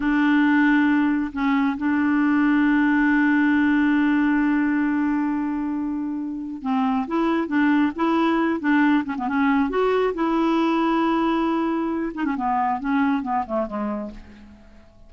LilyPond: \new Staff \with { instrumentName = "clarinet" } { \time 4/4 \tempo 4 = 136 d'2. cis'4 | d'1~ | d'1~ | d'2. c'4 |
e'4 d'4 e'4. d'8~ | d'8 cis'16 b16 cis'4 fis'4 e'4~ | e'2.~ e'8 dis'16 cis'16 | b4 cis'4 b8 a8 gis4 | }